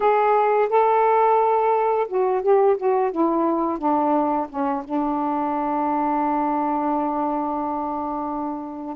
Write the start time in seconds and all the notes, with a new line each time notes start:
0.00 G#4
0.69 A4
2.08 F#4
2.42 G4
2.77 F#4
3.11 E4
3.78 D4
4.49 C#4
4.84 D4